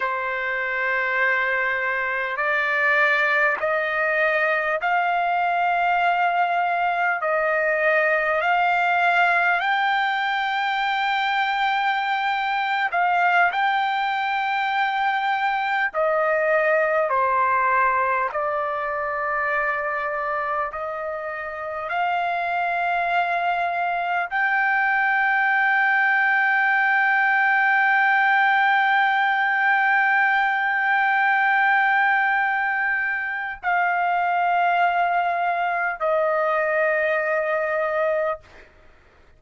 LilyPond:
\new Staff \with { instrumentName = "trumpet" } { \time 4/4 \tempo 4 = 50 c''2 d''4 dis''4 | f''2 dis''4 f''4 | g''2~ g''8. f''8 g''8.~ | g''4~ g''16 dis''4 c''4 d''8.~ |
d''4~ d''16 dis''4 f''4.~ f''16~ | f''16 g''2.~ g''8.~ | g''1 | f''2 dis''2 | }